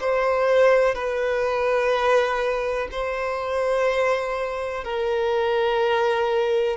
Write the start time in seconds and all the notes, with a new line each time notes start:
0.00 C5
0.94 B4
2.91 C5
4.84 A#4